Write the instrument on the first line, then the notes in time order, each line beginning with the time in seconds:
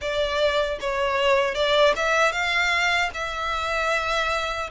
violin
0.01 D5
0.80 C#5
1.54 D5
1.96 E5
2.32 F5
3.14 E5